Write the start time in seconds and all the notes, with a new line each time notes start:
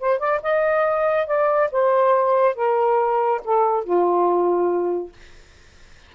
0.00 C5
0.19 D5
0.43 D#5
1.27 D5
1.72 C5
2.56 A#4
3.45 A4
3.84 F4